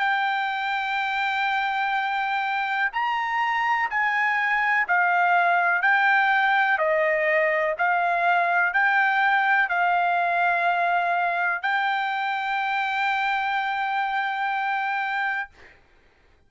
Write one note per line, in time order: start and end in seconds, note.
0.00 2.90 G5
2.93 3.90 A#5
3.91 4.87 G#5
4.88 5.82 F5
5.82 6.79 G5
6.79 7.76 D#5
7.79 8.74 F5
8.74 9.70 G5
9.70 11.63 F5
11.63 15.50 G5